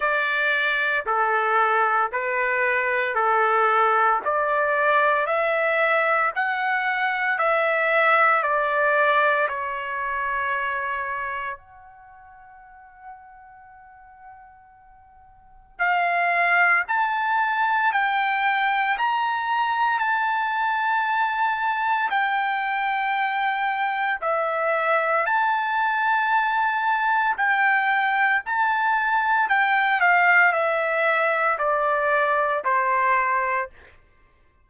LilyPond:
\new Staff \with { instrumentName = "trumpet" } { \time 4/4 \tempo 4 = 57 d''4 a'4 b'4 a'4 | d''4 e''4 fis''4 e''4 | d''4 cis''2 fis''4~ | fis''2. f''4 |
a''4 g''4 ais''4 a''4~ | a''4 g''2 e''4 | a''2 g''4 a''4 | g''8 f''8 e''4 d''4 c''4 | }